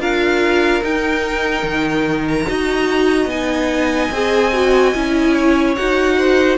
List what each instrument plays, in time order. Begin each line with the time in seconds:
0.00 cello D4, viola F4, violin A#4 F5
0.83 viola D#4, cello D#4, violin G5
1.63 cello D#3
2.28 violin A#5
2.48 cello D#4, viola F#4, violin D#5
3.26 cello B3, viola D#4, violin G#5
4.12 cello C4, viola G#4
4.54 viola F#4
4.95 cello C#4, viola E4
5.34 violin C#5
5.75 cello D#4, viola F#4, violin F#5
6.18 violin C5